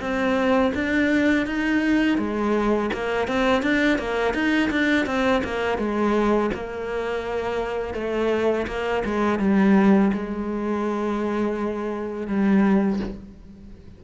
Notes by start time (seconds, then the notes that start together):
0.00 C4
0.74 D4
1.46 D#4
2.18 G#3
2.93 A#3
3.27 C4
3.62 D4
3.98 A#3
4.34 D#4
4.70 D4
5.06 C4
5.44 A#3
5.78 G#3
6.54 A#3
7.94 A3
8.66 A#3
9.04 G#3
9.39 G3
10.13 G#3
12.27 G3